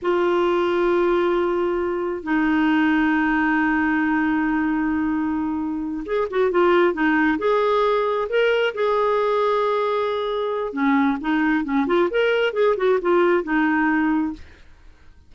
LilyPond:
\new Staff \with { instrumentName = "clarinet" } { \time 4/4 \tempo 4 = 134 f'1~ | f'4 dis'2.~ | dis'1~ | dis'4. gis'8 fis'8 f'4 dis'8~ |
dis'8 gis'2 ais'4 gis'8~ | gis'1 | cis'4 dis'4 cis'8 f'8 ais'4 | gis'8 fis'8 f'4 dis'2 | }